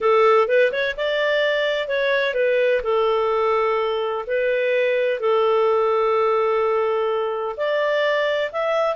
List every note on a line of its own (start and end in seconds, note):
0.00 0.48 A4
0.48 0.71 B4
0.72 0.95 C#5
0.96 1.87 D5
1.87 2.34 C#5
2.34 2.81 B4
2.83 4.25 A4
4.26 5.19 B4
5.19 7.56 A4
7.56 8.51 D5
8.51 8.95 E5